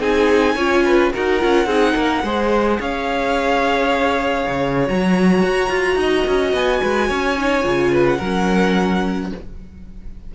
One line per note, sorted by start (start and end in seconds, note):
0.00 0.55 C4
0.00 0.56 D#4
0.00 0.55 G#4
0.00 1.12 G#5
0.55 1.11 C#4
0.55 1.13 F4
0.55 0.83 C#5
0.85 1.13 B4
1.13 1.43 D#4
1.13 1.39 F#4
1.13 1.67 A#4
1.13 2.80 F#5
1.39 1.66 C#4
1.39 1.67 F4
1.66 1.93 C4
1.66 2.23 D#4
1.66 1.94 G#4
1.94 2.23 A#3
1.94 2.22 A#4
2.23 2.79 G#3
2.23 4.86 G#4
2.23 2.80 C5
2.80 4.47 C#4
2.80 5.99 C#5
2.80 4.88 F5
4.47 4.89 C#3
4.86 5.42 F#3
4.86 7.36 F#4
4.86 6.55 A#5
5.42 5.69 F#4
5.69 5.96 F4
5.96 6.24 D#4
5.96 6.81 D#5
6.27 6.53 C#4
6.53 6.81 B3
6.53 8.07 G#5
6.81 7.10 G#3
6.81 7.08 B4
7.08 7.64 C#4
7.08 7.91 C#5
7.37 7.62 D#4
7.62 8.20 C#3
7.62 8.18 F4
7.92 8.18 B4
8.07 9.32 F#5
8.18 9.32 F#3
8.18 9.35 C#4
8.18 9.29 A#4